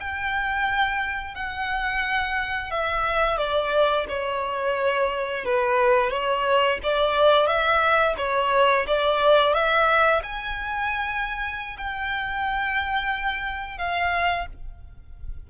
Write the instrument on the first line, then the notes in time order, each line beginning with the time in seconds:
violin
0.00 G5
1.35 F#5
2.71 E5
3.37 D5
4.09 C#5
5.45 B4
6.11 C#5
6.83 D5
7.47 E5
8.18 C#5
8.87 D5
9.54 E5
10.23 G#5
11.78 G5
13.78 F5